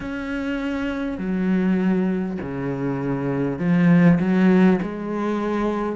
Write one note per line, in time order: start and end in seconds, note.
0.00 1.17 C#4
1.17 2.37 F#3
2.41 3.58 C#3
3.58 4.18 F3
4.19 4.79 F#3
4.82 5.96 G#3